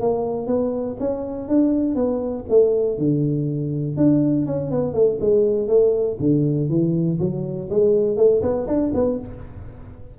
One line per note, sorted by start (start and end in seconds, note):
0.00 0.47 A#3
0.47 0.96 B3
0.99 1.48 C#4
1.48 1.95 D4
1.95 2.45 B3
2.49 2.98 A3
2.98 3.96 D3
3.96 4.46 D4
4.46 4.70 C#4
4.71 4.93 B3
4.93 5.18 A3
5.20 5.68 G#3
5.68 6.17 A3
6.19 6.69 D3
6.69 7.19 E3
7.19 7.69 F#3
7.70 8.17 G#3
8.17 8.41 A3
8.42 8.66 B3
8.67 8.92 D4
8.93 9.18 B3